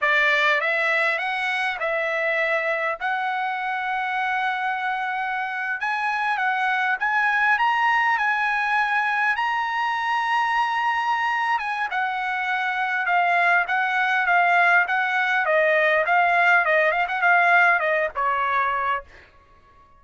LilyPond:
\new Staff \with { instrumentName = "trumpet" } { \time 4/4 \tempo 4 = 101 d''4 e''4 fis''4 e''4~ | e''4 fis''2.~ | fis''4.~ fis''16 gis''4 fis''4 gis''16~ | gis''8. ais''4 gis''2 ais''16~ |
ais''2.~ ais''8 gis''8 | fis''2 f''4 fis''4 | f''4 fis''4 dis''4 f''4 | dis''8 f''16 fis''16 f''4 dis''8 cis''4. | }